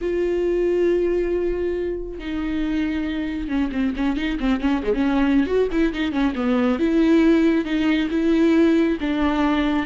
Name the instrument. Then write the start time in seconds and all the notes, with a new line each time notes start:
viola
0.01 F4
2.18 D#4
3.48 C#4
3.72 C4
3.96 C#4
4.16 D#4
4.39 C4
4.60 C#4
4.83 G#3
4.93 C#4
5.46 F#4
5.71 E4
5.93 D#4
6.12 C#4
6.35 B3
6.79 E4
7.64 D#4
8.10 E4
9.00 D4